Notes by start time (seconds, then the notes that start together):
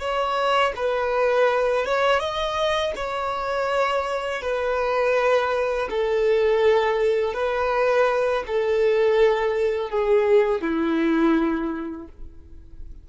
0.00 C#5
0.76 B4
1.86 C#5
2.20 D#5
2.96 C#5
4.42 B4
5.90 A4
7.34 B4
8.47 A4
9.90 G#4
10.61 E4